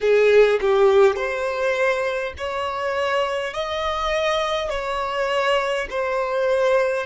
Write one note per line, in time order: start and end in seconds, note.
0.01 0.59 G#4
0.60 1.16 G4
1.16 2.33 C5
2.37 3.53 C#5
3.53 4.70 D#5
4.70 5.87 C#5
5.90 7.06 C5